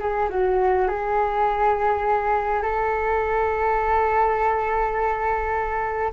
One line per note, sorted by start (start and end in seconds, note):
0.00 0.29 G#4
0.30 0.88 F#4
0.88 2.63 G#4
2.63 6.12 A4